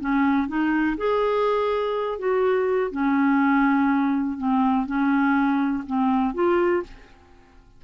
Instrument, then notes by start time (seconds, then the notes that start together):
clarinet
0.00 C#4
0.47 D#4
0.97 G#4
2.18 F#4
2.91 C#4
4.37 C4
4.86 C#4
5.86 C4
6.34 F4